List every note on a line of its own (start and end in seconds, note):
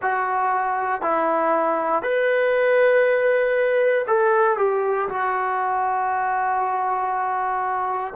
0.01 1.01 F#4
1.01 2.02 E4
2.02 4.05 B4
4.07 4.57 A4
4.57 5.08 G4
5.08 8.14 F#4